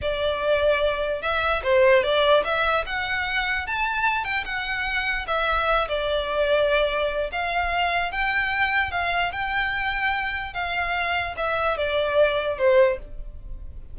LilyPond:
\new Staff \with { instrumentName = "violin" } { \time 4/4 \tempo 4 = 148 d''2. e''4 | c''4 d''4 e''4 fis''4~ | fis''4 a''4. g''8 fis''4~ | fis''4 e''4. d''4.~ |
d''2 f''2 | g''2 f''4 g''4~ | g''2 f''2 | e''4 d''2 c''4 | }